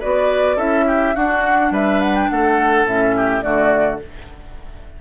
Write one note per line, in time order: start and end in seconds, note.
0.00 0.57 B3
0.00 0.57 F#4
0.00 0.56 B4
0.00 0.59 D5
0.56 1.14 C#4
0.56 1.15 E4
0.56 0.85 A4
0.56 1.16 E5
0.87 1.15 G4
1.15 1.71 D4
1.15 2.87 D4
1.15 1.72 F#4
1.15 1.73 F#5
1.71 2.28 G3
1.71 2.30 B4
1.71 2.02 E5
2.02 2.16 F#5
2.16 2.30 G5
2.30 2.85 A3
2.30 3.17 A4
2.30 2.87 F#5
2.85 3.42 A2
2.85 3.42 C#4
2.85 3.42 E5
3.17 3.44 G4
3.42 4.02 D3
3.42 3.99 A3
3.42 4.01 F#4
3.42 3.99 D5